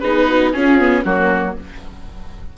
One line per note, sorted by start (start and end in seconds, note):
0.00 0.55 B3
0.00 0.54 D#4
0.00 0.27 G#4
0.00 0.51 B4
0.28 0.54 F#4
0.53 0.79 C#4
0.53 1.05 C#4
0.53 1.04 F4
0.53 1.04 G#4
0.79 1.04 B3
1.04 1.56 F#3
1.04 1.58 A#3
1.04 1.54 C#4
1.04 1.56 F#4